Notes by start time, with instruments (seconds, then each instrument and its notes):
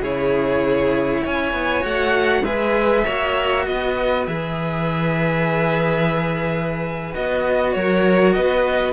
0.00 cello C#3 E4, violin G#4 C#5
1.22 cello C#4, violin C#5 G#5
1.53 cello B3
1.81 cello A3 F#4, violin F#5
2.43 cello G#3 G#4, violin B4 E5
3.04 cello A#3 F#4, violin C#5
3.66 cello B3, violin B4 D#5
4.26 cello E3 G#4, violin E5
7.12 cello B3 F#4, violin D#5
7.73 cello F#3, violin A#4 C#5
8.33 cello B3, violin B4 D#5